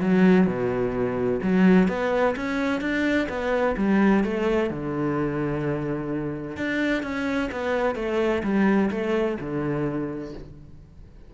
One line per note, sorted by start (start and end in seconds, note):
0.00 0.46 F#3
0.46 1.40 B2
1.42 1.88 F#3
1.88 2.35 B3
2.36 2.81 C#4
2.81 3.27 D4
3.28 3.75 B3
3.77 4.24 G3
4.24 4.70 A3
4.70 6.56 D3
6.56 7.02 D4
7.02 7.49 C#4
7.51 7.95 B3
7.95 8.42 A3
8.43 8.90 G3
8.91 9.37 A3
9.40 10.34 D3